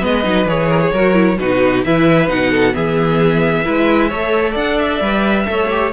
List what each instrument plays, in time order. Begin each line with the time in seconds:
0.00 cello G#3, viola B3, violin B4 D#5
0.23 cello F#3, viola D#4
0.46 cello E3, viola G#4, violin C#5
0.69 violin A#4
0.81 violin G#4
0.92 cello F#3, viola F#4, violin A#4
1.13 viola E4
1.38 cello B2, viola D#4, violin F#4 B4
1.84 cello E3, viola E4, violin B4 E5
2.27 cello B2, viola D#4, violin F#5
2.50 violin A4
2.72 cello E3, viola B3, violin G#4 E5
3.65 cello G#3, viola E4, violin B4
4.09 cello A3, viola A4, violin C#5
4.52 cello D4, violin D5 F#5
4.78 violin E5
5.01 cello G3, viola B4
5.45 cello A3, viola A4, violin C#5
5.70 viola G4